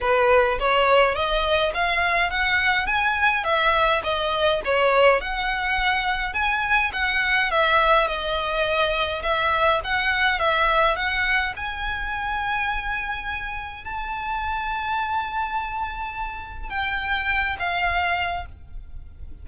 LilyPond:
\new Staff \with { instrumentName = "violin" } { \time 4/4 \tempo 4 = 104 b'4 cis''4 dis''4 f''4 | fis''4 gis''4 e''4 dis''4 | cis''4 fis''2 gis''4 | fis''4 e''4 dis''2 |
e''4 fis''4 e''4 fis''4 | gis''1 | a''1~ | a''4 g''4. f''4. | }